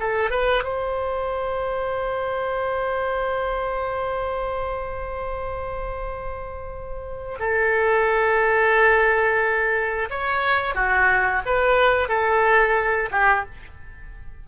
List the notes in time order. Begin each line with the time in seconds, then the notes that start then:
0.00 A4
0.31 B4
0.64 C5
7.40 A4
10.11 C#5
10.75 F#4
11.46 B4
12.09 A4
13.12 G4